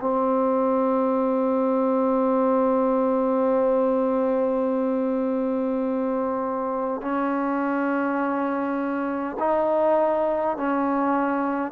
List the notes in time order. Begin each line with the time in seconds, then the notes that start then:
0.00 C4
7.02 C#4
9.39 D#4
10.57 C#4